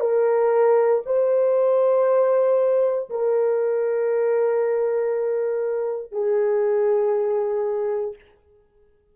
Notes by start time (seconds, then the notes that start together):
0.00 A#4
1.06 C5
3.09 A#4
6.12 G#4